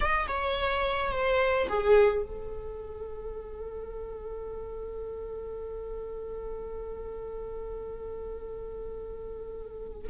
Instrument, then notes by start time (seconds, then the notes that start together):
viola
0.00 D#5
0.28 C#5
1.11 C5
1.68 G#4
2.23 A4